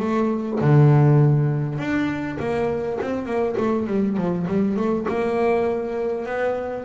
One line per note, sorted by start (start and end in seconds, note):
0.00 0.59 A3
0.61 1.79 D3
1.79 2.38 D4
2.40 2.99 A#3
3.01 3.26 C4
3.26 3.56 A#3
3.58 3.87 A3
3.87 4.17 G3
4.17 4.47 F3
4.47 4.77 G3
4.77 5.07 A3
5.09 6.26 A#3
6.26 6.85 B3